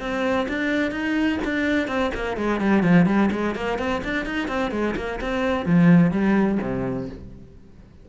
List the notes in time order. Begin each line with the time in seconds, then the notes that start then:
0.00 C4
0.49 D4
0.91 D#4
1.45 D4
1.88 C4
2.15 A#3
2.37 G#3
2.61 G3
2.83 F3
3.06 G3
3.32 G#3
3.55 A#3
3.79 C4
4.04 D4
4.26 D#4
4.48 C4
4.71 G#3
4.96 A#3
5.21 C4
5.66 F3
6.11 G3
6.62 C3